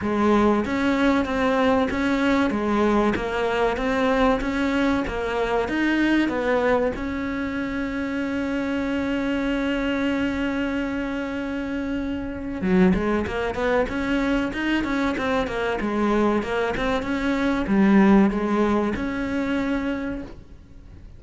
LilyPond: \new Staff \with { instrumentName = "cello" } { \time 4/4 \tempo 4 = 95 gis4 cis'4 c'4 cis'4 | gis4 ais4 c'4 cis'4 | ais4 dis'4 b4 cis'4~ | cis'1~ |
cis'1 | fis8 gis8 ais8 b8 cis'4 dis'8 cis'8 | c'8 ais8 gis4 ais8 c'8 cis'4 | g4 gis4 cis'2 | }